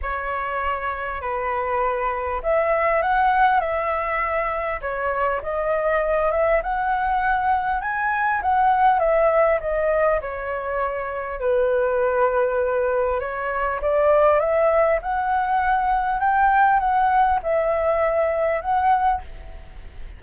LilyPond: \new Staff \with { instrumentName = "flute" } { \time 4/4 \tempo 4 = 100 cis''2 b'2 | e''4 fis''4 e''2 | cis''4 dis''4. e''8 fis''4~ | fis''4 gis''4 fis''4 e''4 |
dis''4 cis''2 b'4~ | b'2 cis''4 d''4 | e''4 fis''2 g''4 | fis''4 e''2 fis''4 | }